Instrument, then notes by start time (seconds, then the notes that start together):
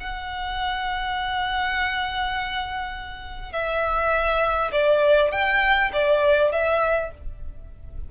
violin
0.00 F#5
3.53 E5
4.72 D5
5.32 G5
5.93 D5
6.52 E5